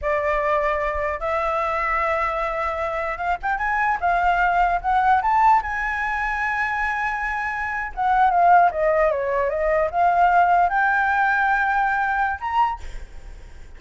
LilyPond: \new Staff \with { instrumentName = "flute" } { \time 4/4 \tempo 4 = 150 d''2. e''4~ | e''1 | f''8 g''8 gis''4 f''2 | fis''4 a''4 gis''2~ |
gis''2.~ gis''8. fis''16~ | fis''8. f''4 dis''4 cis''4 dis''16~ | dis''8. f''2 g''4~ g''16~ | g''2. ais''4 | }